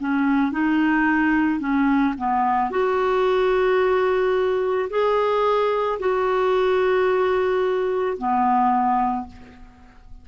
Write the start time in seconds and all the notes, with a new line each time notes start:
0.00 C#4
0.53 D#4
1.60 C#4
2.18 B3
2.71 F#4
4.90 G#4
6.00 F#4
8.18 B3